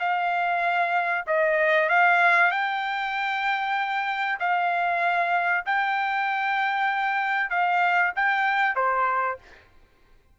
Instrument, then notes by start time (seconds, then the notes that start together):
trumpet
0.00 F5
1.27 D#5
1.89 F5
2.51 G5
4.40 F5
5.66 G5
7.50 F5
8.16 G5
8.76 C5